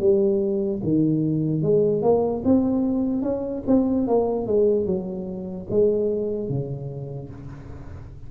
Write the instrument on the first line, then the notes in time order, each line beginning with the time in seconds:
tuba
0.00 G3
0.83 D#3
1.63 G#3
2.03 A#3
2.45 C4
3.23 C#4
3.67 C4
4.08 A#3
4.47 G#3
4.86 F#3
5.71 G#3
6.49 C#3